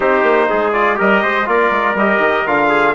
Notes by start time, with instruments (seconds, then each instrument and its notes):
0.00 bassoon C4, trombone D#4, trumpet G4 C5
0.22 bassoon A#3
0.49 bassoon G#3, trumpet G#4
0.72 trombone F4, trumpet D5
0.95 bassoon G3, trombone G4, trumpet A#4 D#5
1.22 bassoon G#3, trumpet C5
1.45 bassoon A#3, trombone F4, trumpet A#4 D5
1.70 bassoon G#3
1.94 bassoon G3, trombone G4, trumpet D#5
2.18 bassoon D#3
2.46 bassoon D3, trombone F4, trumpet F5
2.69 trumpet G#4